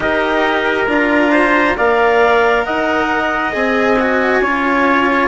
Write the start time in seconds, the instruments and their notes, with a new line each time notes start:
0.00 bassoon D#4, cello G4, trumpet A#4, clarinet D#5
0.87 bassoon D4, cello F4, clarinet A#5
1.31 trumpet C5
1.76 bassoon A#3, cello A#4, trumpet D5, clarinet F5
2.65 bassoon D#4, trumpet D#5, clarinet F#5
3.52 bassoon C4, cello G#4, clarinet G#5
3.99 cello F#4
4.41 bassoon C#4, cello F4, trumpet C#5